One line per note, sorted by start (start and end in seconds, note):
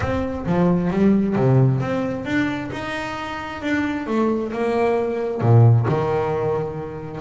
0.00 0.45 C4
0.46 0.90 F3
0.90 1.35 G3
1.35 1.80 C3
1.80 2.25 C4
2.25 2.70 D4
2.71 3.62 D#4
3.62 4.07 D4
4.07 4.52 A3
4.52 5.41 A#3
5.41 5.86 A#2
5.88 7.20 D#3